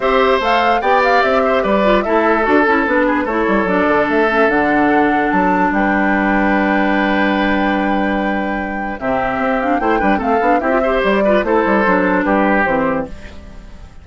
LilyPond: <<
  \new Staff \with { instrumentName = "flute" } { \time 4/4 \tempo 4 = 147 e''4 f''4 g''8 f''8 e''4 | d''4 e''4 a'4 b'4 | cis''4 d''4 e''4 fis''4~ | fis''4 a''4 g''2~ |
g''1~ | g''2 e''4. f''8 | g''4 f''4 e''4 d''4 | c''2 b'4 c''4 | }
  \new Staff \with { instrumentName = "oboe" } { \time 4/4 c''2 d''4. c''8 | b'4 a'2~ a'8 gis'8 | a'1~ | a'2 b'2~ |
b'1~ | b'2 g'2 | c''8 b'8 a'4 g'8 c''4 b'8 | a'2 g'2 | }
  \new Staff \with { instrumentName = "clarinet" } { \time 4/4 g'4 a'4 g'2~ | g'8 f'8 e'4 fis'8 e'8 d'4 | e'4 d'4. cis'8 d'4~ | d'1~ |
d'1~ | d'2 c'4. d'8 | e'8 d'8 c'8 d'8 e'16 f'16 g'4 f'8 | e'4 d'2 c'4 | }
  \new Staff \with { instrumentName = "bassoon" } { \time 4/4 c'4 a4 b4 c'4 | g4 a4 d'8 cis'8 b4 | a8 g8 fis8 d8 a4 d4~ | d4 fis4 g2~ |
g1~ | g2 c4 c'4 | a8 g8 a8 b8 c'4 g4 | a8 g8 fis4 g4 e4 | }
>>